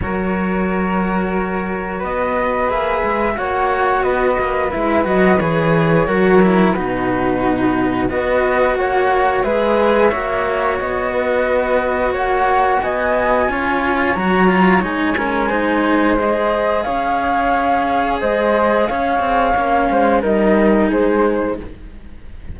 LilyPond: <<
  \new Staff \with { instrumentName = "flute" } { \time 4/4 \tempo 4 = 89 cis''2. dis''4 | e''4 fis''4 dis''4 e''8 dis''8 | cis''2 b'2 | dis''4 fis''4 e''2 |
dis''2 fis''4 gis''4~ | gis''4 ais''4 gis''2 | dis''4 f''2 dis''4 | f''2 dis''4 c''4 | }
  \new Staff \with { instrumentName = "flute" } { \time 4/4 ais'2. b'4~ | b'4 cis''4 b'2~ | b'4 ais'4 fis'2 | b'4 cis''4 b'4 cis''4~ |
cis''8 b'4. cis''4 dis''4 | cis''2~ cis''8 ais'8 c''4~ | c''4 cis''2 c''4 | cis''4. c''8 ais'4 gis'4 | }
  \new Staff \with { instrumentName = "cello" } { \time 4/4 fis'1 | gis'4 fis'2 e'8 fis'8 | gis'4 fis'8 e'8 dis'2 | fis'2 gis'4 fis'4~ |
fis'1 | f'4 fis'8 f'8 dis'8 cis'8 dis'4 | gis'1~ | gis'4 cis'4 dis'2 | }
  \new Staff \with { instrumentName = "cello" } { \time 4/4 fis2. b4 | ais8 gis8 ais4 b8 ais8 gis8 fis8 | e4 fis4 b,2 | b4 ais4 gis4 ais4 |
b2 ais4 b4 | cis'4 fis4 gis2~ | gis4 cis'2 gis4 | cis'8 c'8 ais8 gis8 g4 gis4 | }
>>